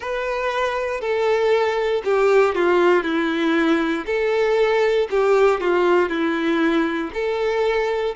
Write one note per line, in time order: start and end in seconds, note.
0.00 1.00 B4
1.00 2.02 A4
2.04 2.54 G4
2.54 3.03 F4
3.03 4.04 E4
4.06 5.08 A4
5.10 5.60 G4
5.60 6.09 F4
6.09 7.10 E4
7.13 8.15 A4